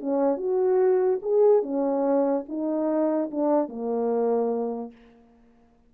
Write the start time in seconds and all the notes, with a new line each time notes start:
0.00 C#4
0.37 F#4
1.22 G#4
1.63 C#4
2.48 D#4
3.31 D4
3.68 A#3